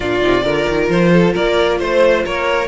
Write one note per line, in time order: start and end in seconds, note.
0.00 0.22 A#2
0.00 0.21 D4
0.00 0.43 F4
0.00 0.89 D5
0.21 0.44 C3
0.21 0.41 D#4
0.41 0.66 D3
0.41 2.65 F4
0.41 1.10 A#4
0.68 0.89 D#3
0.89 1.34 F3
0.89 1.34 C5
1.13 1.33 A4
1.33 1.80 A#3
1.33 1.78 A#4
1.33 1.80 D5
1.78 2.25 A3
1.78 2.23 C5
1.78 2.25 C5
2.25 2.68 A#3
2.25 2.68 A#4
2.25 2.68 C#5